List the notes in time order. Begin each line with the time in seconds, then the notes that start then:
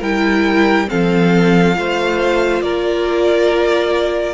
0.00 G3 E4 A#4 G5
0.88 F3 C4 A4 F5
1.74 A3 F4 C5
2.61 A#3 A#4 D5